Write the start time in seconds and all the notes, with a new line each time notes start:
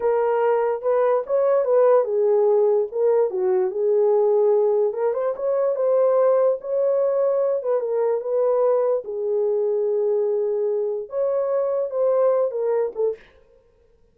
0.00 A#4
0.82 B4
1.26 C#5
1.64 B4
2.04 G#4
2.91 A#4
3.30 F#4
3.70 G#4
4.93 A#4
5.13 C5
5.36 C#5
5.75 C5
6.60 C#5
7.63 B4
7.80 A#4
8.20 B4
9.04 G#4
11.09 C#5
11.90 C5
12.51 A#4
12.95 A4